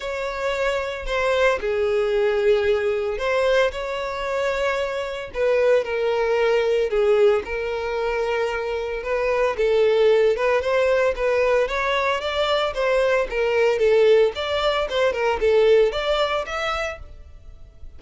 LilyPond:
\new Staff \with { instrumentName = "violin" } { \time 4/4 \tempo 4 = 113 cis''2 c''4 gis'4~ | gis'2 c''4 cis''4~ | cis''2 b'4 ais'4~ | ais'4 gis'4 ais'2~ |
ais'4 b'4 a'4. b'8 | c''4 b'4 cis''4 d''4 | c''4 ais'4 a'4 d''4 | c''8 ais'8 a'4 d''4 e''4 | }